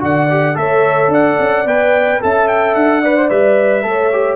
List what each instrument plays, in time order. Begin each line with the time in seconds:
0.00 tuba D3, trombone F#4, horn D5, trumpet F#5
0.30 trombone G4
0.55 tuba A3, trombone A4, horn C#5, trumpet E5
1.08 tuba D4, horn D5, trumpet F#5
1.39 tuba C#4
1.65 tuba B3, trombone B4, trumpet G5
2.21 tuba C#4, trombone A4, horn E5, trumpet A5
2.48 trumpet G5
2.75 tuba D4, trumpet F#5
3.02 trombone B4, horn D5
3.18 trombone C5
3.30 tuba G3, trombone B4, trumpet E5
3.83 tuba A3, trombone A4, horn C#5
4.13 trombone G4